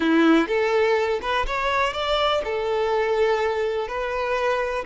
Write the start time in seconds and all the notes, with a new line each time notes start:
0.00 E4
0.47 A4
1.21 B4
1.46 C#5
1.93 D5
2.44 A4
3.88 B4